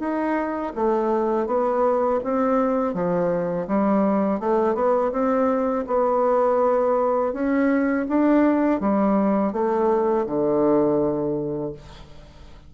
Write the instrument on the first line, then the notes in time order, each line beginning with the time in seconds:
bassoon
0.00 D#4
0.76 A3
1.47 B3
2.24 C4
2.94 F3
3.68 G3
4.40 A3
4.75 B3
5.12 C4
5.88 B3
7.34 C#4
8.09 D4
8.81 G3
9.53 A3
10.27 D3